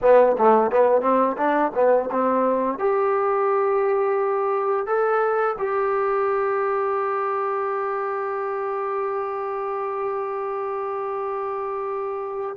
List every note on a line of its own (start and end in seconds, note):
0.01 0.36 B3
0.38 0.71 A3
0.71 1.01 B3
1.01 1.36 C4
1.37 1.72 D4
1.74 2.09 B3
2.11 2.78 C4
2.78 4.86 G4
4.86 5.56 A4
5.58 12.56 G4